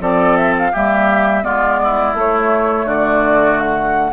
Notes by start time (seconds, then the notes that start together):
0.00 F3 C4 A4 D5
0.36 E5
0.58 F5
0.72 G3 A#3 G4 E5
1.43 G#3 B3 F4 D5
1.83 E4
2.14 A3 C#5
2.85 D3 F#4 D5
3.60 F#5